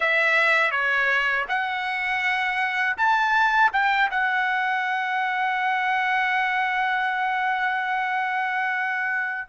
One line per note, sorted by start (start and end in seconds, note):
0.00 0.71 E5
0.71 1.45 C#5
1.48 2.96 F#5
2.97 3.71 A5
3.72 4.09 G5
4.10 9.47 F#5